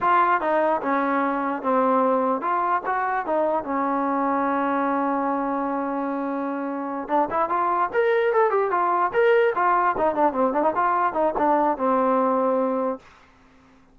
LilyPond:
\new Staff \with { instrumentName = "trombone" } { \time 4/4 \tempo 4 = 148 f'4 dis'4 cis'2 | c'2 f'4 fis'4 | dis'4 cis'2.~ | cis'1~ |
cis'4. d'8 e'8 f'4 ais'8~ | ais'8 a'8 g'8 f'4 ais'4 f'8~ | f'8 dis'8 d'8 c'8 d'16 dis'16 f'4 dis'8 | d'4 c'2. | }